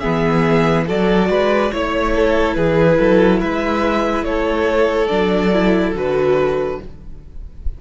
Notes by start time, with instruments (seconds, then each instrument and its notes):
0.00 cello E3, viola B3, violin G#4 E5
0.87 cello F#3, viola F#4, violin A4 D5
1.30 cello G#3, violin B4
1.72 cello A3, viola E4, violin C#5
2.16 violin A4
2.54 cello E3, violin G#4 B4
2.99 cello F#3, violin A4
3.40 cello G#3, violin B4 E5
4.23 cello A3, violin A4 C#5
5.08 cello F#3, viola D4, violin D5
5.53 viola E4
5.94 cello D3, viola F#4, violin B4